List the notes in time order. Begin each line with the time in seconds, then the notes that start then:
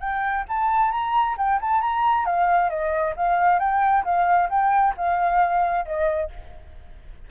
0.00 G5
0.48 A5
0.91 A#5
1.38 G5
1.61 A5
1.81 A#5
2.26 F5
2.69 D#5
3.16 F5
3.59 G5
4.04 F5
4.50 G5
4.97 F5
5.86 D#5